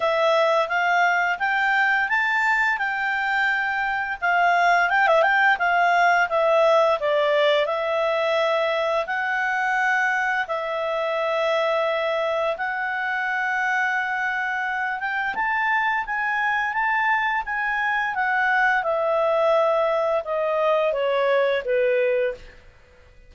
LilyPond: \new Staff \with { instrumentName = "clarinet" } { \time 4/4 \tempo 4 = 86 e''4 f''4 g''4 a''4 | g''2 f''4 g''16 e''16 g''8 | f''4 e''4 d''4 e''4~ | e''4 fis''2 e''4~ |
e''2 fis''2~ | fis''4. g''8 a''4 gis''4 | a''4 gis''4 fis''4 e''4~ | e''4 dis''4 cis''4 b'4 | }